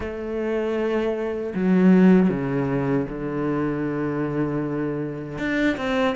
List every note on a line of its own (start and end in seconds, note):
0.00 1.53 A3
1.55 2.29 F#3
2.29 3.06 C#3
3.08 5.38 D3
5.38 5.77 D4
5.77 6.15 C4